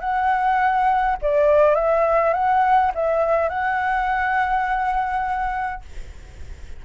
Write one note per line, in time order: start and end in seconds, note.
0.00 1.17 F#5
1.22 1.75 D5
1.75 2.33 E5
2.33 2.92 F#5
2.94 3.49 E5
3.49 5.82 F#5